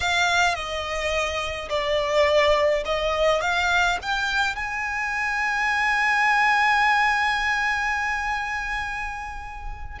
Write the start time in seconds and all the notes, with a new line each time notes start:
0.00 F5
0.54 D#5
1.69 D5
2.85 D#5
3.41 F5
4.02 G5
4.55 G#5